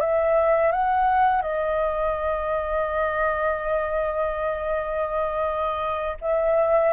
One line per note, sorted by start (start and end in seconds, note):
0.00 0.72 E5
0.72 1.42 F#5
1.42 6.17 D#5
6.21 6.93 E5